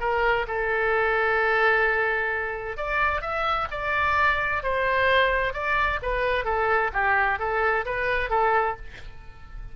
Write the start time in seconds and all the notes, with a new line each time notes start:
0.00 A#4
0.48 A4
2.77 D5
3.22 E5
3.71 D5
4.63 C5
5.54 D5
6.02 B4
6.45 A4
6.93 G4
7.39 A4
7.85 B4
8.30 A4